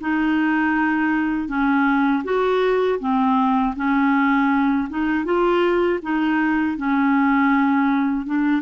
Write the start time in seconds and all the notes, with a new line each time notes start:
0.00 D#4
1.48 C#4
2.24 F#4
2.99 C4
3.76 C#4
4.89 D#4
5.24 F4
6.02 D#4
6.77 C#4
8.26 D4